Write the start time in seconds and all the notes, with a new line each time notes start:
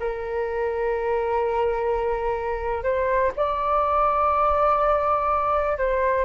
0.00 A#4
2.84 C5
3.37 D5
5.78 C5